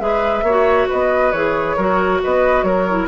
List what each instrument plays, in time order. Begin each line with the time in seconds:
0.00 bassoon G#3, clarinet G#4, oboe B4, flute E5
0.42 bassoon A#3, oboe C#5
0.49 clarinet F#4
0.89 bassoon B3, oboe B4, flute D#5
1.32 bassoon E3, clarinet G#4, flute C#5
1.76 bassoon F#3, clarinet F#4, oboe A#4
2.23 bassoon B3, oboe B4, flute D#5
2.63 bassoon F#3, oboe A#4, flute C#5
2.89 clarinet E4